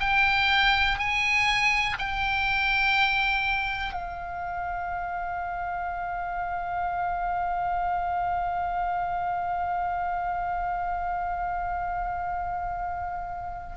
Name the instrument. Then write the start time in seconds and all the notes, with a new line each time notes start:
oboe
0.00 G5
0.98 G#5
1.99 G5
3.93 F5